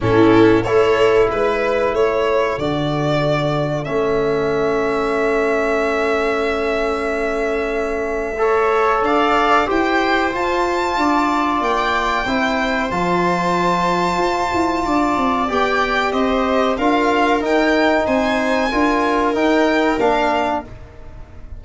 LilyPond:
<<
  \new Staff \with { instrumentName = "violin" } { \time 4/4 \tempo 4 = 93 a'4 cis''4 b'4 cis''4 | d''2 e''2~ | e''1~ | e''2 f''4 g''4 |
a''2 g''2 | a''1 | g''4 dis''4 f''4 g''4 | gis''2 g''4 f''4 | }
  \new Staff \with { instrumentName = "viola" } { \time 4/4 e'4 a'4 b'4 a'4~ | a'1~ | a'1~ | a'4 cis''4 d''4 c''4~ |
c''4 d''2 c''4~ | c''2. d''4~ | d''4 c''4 ais'2 | c''4 ais'2. | }
  \new Staff \with { instrumentName = "trombone" } { \time 4/4 cis'4 e'2. | fis'2 cis'2~ | cis'1~ | cis'4 a'2 g'4 |
f'2. e'4 | f'1 | g'2 f'4 dis'4~ | dis'4 f'4 dis'4 d'4 | }
  \new Staff \with { instrumentName = "tuba" } { \time 4/4 a,4 a4 gis4 a4 | d2 a2~ | a1~ | a2 d'4 e'4 |
f'4 d'4 ais4 c'4 | f2 f'8 e'8 d'8 c'8 | b4 c'4 d'4 dis'4 | c'4 d'4 dis'4 ais4 | }
>>